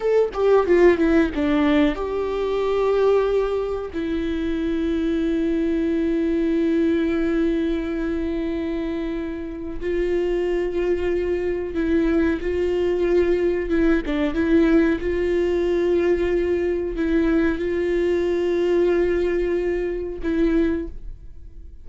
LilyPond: \new Staff \with { instrumentName = "viola" } { \time 4/4 \tempo 4 = 92 a'8 g'8 f'8 e'8 d'4 g'4~ | g'2 e'2~ | e'1~ | e'2. f'4~ |
f'2 e'4 f'4~ | f'4 e'8 d'8 e'4 f'4~ | f'2 e'4 f'4~ | f'2. e'4 | }